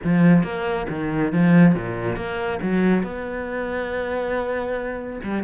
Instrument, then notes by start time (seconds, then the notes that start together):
cello
0.04 F3
0.43 A#3
0.89 D#3
1.32 F3
1.75 A#2
2.15 A#3
2.62 F#3
3.03 B3
5.23 G3